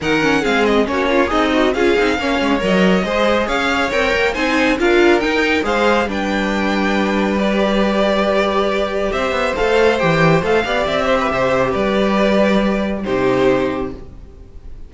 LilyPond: <<
  \new Staff \with { instrumentName = "violin" } { \time 4/4 \tempo 4 = 138 fis''4 f''8 dis''8 cis''4 dis''4 | f''2 dis''2 | f''4 g''4 gis''4 f''4 | g''4 f''4 g''2~ |
g''4 d''2.~ | d''4 e''4 f''4 g''4 | f''4 e''2 d''4~ | d''2 c''2 | }
  \new Staff \with { instrumentName = "violin" } { \time 4/4 ais'4 gis'4 fis'8 f'8 dis'4 | gis'4 cis''2 c''4 | cis''2 c''4 ais'4~ | ais'4 c''4 b'2~ |
b'1~ | b'4 c''2.~ | c''8 d''4 c''16 b'16 c''4 b'4~ | b'2 g'2 | }
  \new Staff \with { instrumentName = "viola" } { \time 4/4 dis'8 cis'8 c'4 cis'4 gis'8 fis'8 | f'8 dis'8 cis'4 ais'4 gis'4~ | gis'4 ais'4 dis'4 f'4 | dis'4 gis'4 d'2~ |
d'4 g'2.~ | g'2 a'4 g'4 | a'8 g'2.~ g'8~ | g'2 dis'2 | }
  \new Staff \with { instrumentName = "cello" } { \time 4/4 dis4 gis4 ais4 c'4 | cis'8 c'8 ais8 gis8 fis4 gis4 | cis'4 c'8 ais8 c'4 d'4 | dis'4 gis4 g2~ |
g1~ | g4 c'8 b8 a4 e4 | a8 b8 c'4 c4 g4~ | g2 c2 | }
>>